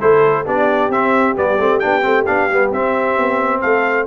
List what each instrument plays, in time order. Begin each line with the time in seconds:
0.00 tuba A3, trombone E4, horn A4, trumpet C5
0.45 tuba B3, trombone D4, horn G4, trumpet D5
0.89 tuba C4, trombone C4, trumpet E5
1.36 tuba G3, trombone B3, trumpet D5
1.59 tuba A3, trombone C4
1.79 tuba B3, trombone D4, trumpet G5
2.02 tuba A3, trombone C4
2.26 tuba B3, trombone D4, trumpet F5
2.48 tuba G3, trombone B3
2.72 tuba C4, trombone C4, trumpet E5
3.17 tuba B3
3.61 tuba A3, horn A4, trumpet F5